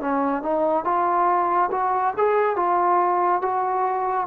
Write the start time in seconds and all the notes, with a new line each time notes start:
0.00 C#4
0.42 D#4
0.84 F4
1.71 F#4
2.17 G#4
2.56 F4
3.41 F#4